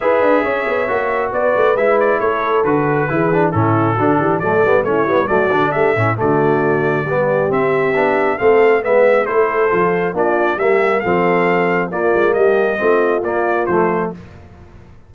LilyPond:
<<
  \new Staff \with { instrumentName = "trumpet" } { \time 4/4 \tempo 4 = 136 e''2. d''4 | e''8 d''8 cis''4 b'2 | a'2 d''4 cis''4 | d''4 e''4 d''2~ |
d''4 e''2 f''4 | e''4 c''2 d''4 | e''4 f''2 d''4 | dis''2 d''4 c''4 | }
  \new Staff \with { instrumentName = "horn" } { \time 4/4 b'4 cis''2 b'4~ | b'4 a'2 gis'4 | e'4 fis'8 g'8 a'4 e'4 | fis'4 g'8 e'8 fis'2 |
g'2. a'4 | b'4 a'2 f'4 | g'4 a'2 f'4 | g'4 f'2. | }
  \new Staff \with { instrumentName = "trombone" } { \time 4/4 gis'2 fis'2 | e'2 fis'4 e'8 d'8 | cis'4 d'4 a8 b8 cis'8 b8 | a8 d'4 cis'8 a2 |
b4 c'4 d'4 c'4 | b4 e'4 f'4 d'4 | ais4 c'2 ais4~ | ais4 c'4 ais4 a4 | }
  \new Staff \with { instrumentName = "tuba" } { \time 4/4 e'8 d'8 cis'8 b8 ais4 b8 a8 | gis4 a4 d4 e4 | a,4 d8 e8 fis8 g8 a8 g8 | fis8 d8 a8 a,8 d2 |
g4 c'4 b4 a4 | gis4 a4 f4 ais4 | g4 f2 ais8 gis8 | g4 a4 ais4 f4 | }
>>